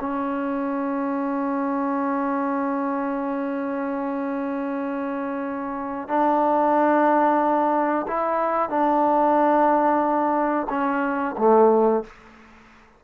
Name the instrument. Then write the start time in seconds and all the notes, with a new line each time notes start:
trombone
0.00 C#4
6.08 D4
8.08 E4
8.69 D4
10.70 C#4
11.38 A3